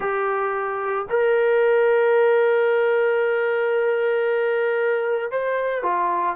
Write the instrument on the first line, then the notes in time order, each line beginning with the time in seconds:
trombone
0.00 G4
1.09 A#4
5.31 C5
5.82 F4